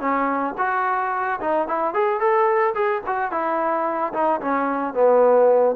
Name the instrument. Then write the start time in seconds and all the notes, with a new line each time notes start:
trombone
0.00 C#4
0.58 F#4
1.41 D#4
1.68 E4
1.94 G#4
2.20 A4
2.74 G#4
3.06 F#4
3.31 E4
4.13 D#4
4.41 C#4
4.94 B3